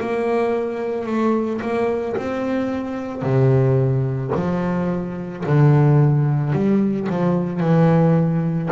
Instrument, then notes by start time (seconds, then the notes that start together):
double bass
0.00 A#3
1.06 A3
1.62 A#3
2.17 C4
3.22 C3
4.35 F3
5.46 D3
6.53 G3
7.10 F3
7.60 E3